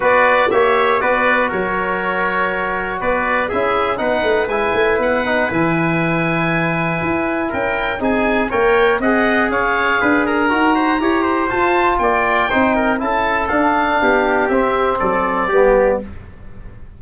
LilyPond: <<
  \new Staff \with { instrumentName = "oboe" } { \time 4/4 \tempo 4 = 120 d''4 e''4 d''4 cis''4~ | cis''2 d''4 e''4 | fis''4 gis''4 fis''4 gis''4~ | gis''2. g''4 |
gis''4 g''4 fis''4 f''4~ | f''8 ais''2~ ais''8 a''4 | g''2 a''4 f''4~ | f''4 e''4 d''2 | }
  \new Staff \with { instrumentName = "trumpet" } { \time 4/4 b'4 cis''4 b'4 ais'4~ | ais'2 b'4 gis'4 | b'1~ | b'2. ais'4 |
gis'4 cis''4 dis''4 cis''4 | b'8 ais'4 c''8 cis''8 c''4. | d''4 c''8 ais'8 a'2 | g'2 a'4 g'4 | }
  \new Staff \with { instrumentName = "trombone" } { \time 4/4 fis'4 g'4 fis'2~ | fis'2. e'4 | dis'4 e'4. dis'8 e'4~ | e'1 |
dis'4 ais'4 gis'2~ | gis'4 fis'4 g'4 f'4~ | f'4 dis'4 e'4 d'4~ | d'4 c'2 b4 | }
  \new Staff \with { instrumentName = "tuba" } { \time 4/4 b4 ais4 b4 fis4~ | fis2 b4 cis'4 | b8 a8 gis8 a8 b4 e4~ | e2 e'4 cis'4 |
c'4 ais4 c'4 cis'4 | d'4 dis'4 e'4 f'4 | ais4 c'4 cis'4 d'4 | b4 c'4 fis4 g4 | }
>>